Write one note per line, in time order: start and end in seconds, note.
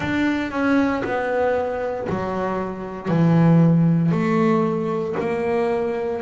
0.00 0.51 D4
0.51 1.03 C#4
1.03 2.07 B3
2.09 3.08 F#3
3.08 4.11 E3
4.11 5.14 A3
5.20 6.22 A#3